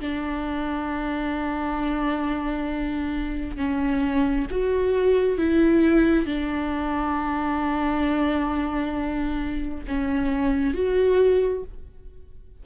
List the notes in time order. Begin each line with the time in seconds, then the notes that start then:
0.00 D4
3.57 C#4
4.51 F#4
5.38 E4
6.26 D4
9.87 C#4
10.73 F#4